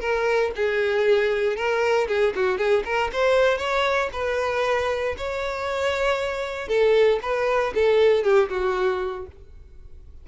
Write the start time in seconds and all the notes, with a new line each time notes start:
0.00 A#4
0.55 G#4
1.56 A#4
2.07 G#4
2.35 F#4
2.58 G#4
2.85 A#4
3.12 C5
3.58 C#5
4.12 B4
5.17 C#5
6.68 A4
7.22 B4
7.74 A4
8.23 G4
8.49 F#4